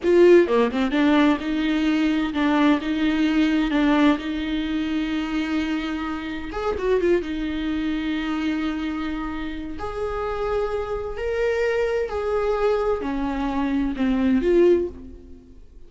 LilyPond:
\new Staff \with { instrumentName = "viola" } { \time 4/4 \tempo 4 = 129 f'4 ais8 c'8 d'4 dis'4~ | dis'4 d'4 dis'2 | d'4 dis'2.~ | dis'2 gis'8 fis'8 f'8 dis'8~ |
dis'1~ | dis'4 gis'2. | ais'2 gis'2 | cis'2 c'4 f'4 | }